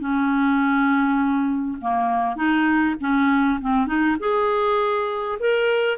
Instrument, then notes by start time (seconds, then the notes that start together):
clarinet
0.00 C#4
1.81 A#3
2.36 D#4
3.00 C#4
3.61 C4
3.87 D#4
4.19 G#4
5.40 A#4